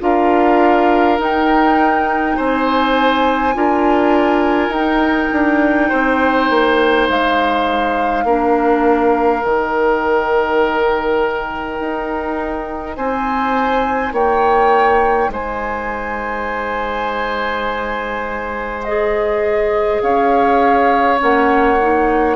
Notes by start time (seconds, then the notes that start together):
0.00 D4 F4 A#4 F5
1.17 D#4 G5
2.36 C4 C5 G#5
3.54 D4 F4 A#4
4.68 D#4 G5
4.75 D#4
5.32 D4
5.88 C4 C5
6.50 A#3
7.09 G#3 F5
8.24 A#3 D4 A#4
9.41 D#3 D#4 G5
11.79 D#4
12.95 C4 C5 G#5
14.12 A#3 C#5 G5
15.28 G#3 C5 G#5
18.83 G#4 D#5
20.01 C#4 C#5 F5
21.18 A#3 C#4 F#5
21.80 D#4